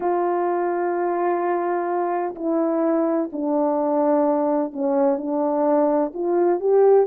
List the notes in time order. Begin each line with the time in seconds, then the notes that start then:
0.00 F4
2.35 E4
3.32 D4
4.72 C#4
5.17 D4
6.14 F4
6.60 G4